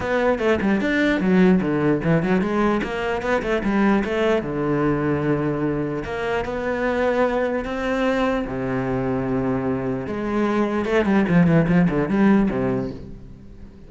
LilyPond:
\new Staff \with { instrumentName = "cello" } { \time 4/4 \tempo 4 = 149 b4 a8 g8 d'4 fis4 | d4 e8 fis8 gis4 ais4 | b8 a8 g4 a4 d4~ | d2. ais4 |
b2. c'4~ | c'4 c2.~ | c4 gis2 a8 g8 | f8 e8 f8 d8 g4 c4 | }